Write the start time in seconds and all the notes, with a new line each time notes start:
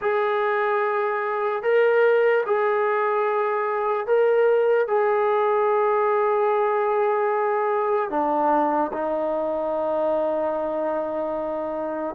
0.01 G#4
1.62 A#4
2.45 G#4
4.06 A#4
4.87 G#4
8.10 D4
8.92 D#4